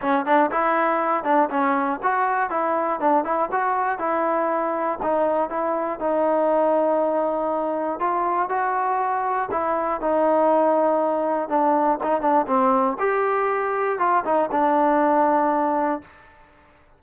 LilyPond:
\new Staff \with { instrumentName = "trombone" } { \time 4/4 \tempo 4 = 120 cis'8 d'8 e'4. d'8 cis'4 | fis'4 e'4 d'8 e'8 fis'4 | e'2 dis'4 e'4 | dis'1 |
f'4 fis'2 e'4 | dis'2. d'4 | dis'8 d'8 c'4 g'2 | f'8 dis'8 d'2. | }